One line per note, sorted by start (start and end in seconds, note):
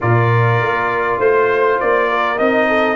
0.00 0.61 A#2
0.00 2.37 F4
0.00 1.18 A#4
0.00 1.19 D5
0.61 1.18 A#3
1.18 1.78 A3
1.18 2.07 C5
1.18 1.79 C5
1.79 2.39 A#3
1.79 2.38 D5
2.08 2.67 A#4
2.37 2.96 C4
2.37 2.96 D#4
2.37 2.96 D#5
2.68 2.96 A4